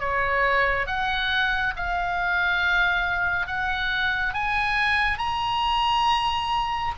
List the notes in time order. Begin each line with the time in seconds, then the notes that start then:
0.00 C#5
0.87 F#5
1.77 F5
3.47 F#5
4.34 G#5
5.19 A#5